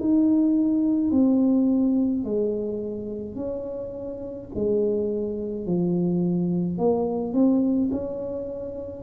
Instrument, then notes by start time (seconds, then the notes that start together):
tuba
0.00 D#4
1.11 C4
2.24 G#3
3.36 C#4
4.54 G#3
5.66 F3
6.78 A#3
7.33 C4
7.91 C#4